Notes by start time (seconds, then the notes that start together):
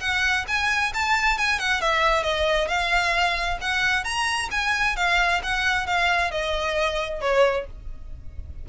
0.00 F#5
0.47 G#5
0.94 A5
1.38 G#5
1.59 F#5
1.80 E5
2.23 D#5
2.68 F5
3.60 F#5
4.04 A#5
4.51 G#5
4.96 F5
5.43 F#5
5.86 F5
6.31 D#5
7.21 C#5